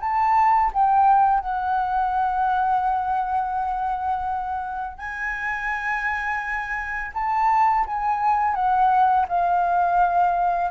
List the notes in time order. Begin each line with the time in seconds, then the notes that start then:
0.00 A5
0.74 G5
1.40 F#5
4.97 G#5
7.14 A5
7.87 G#5
8.55 F#5
9.28 F5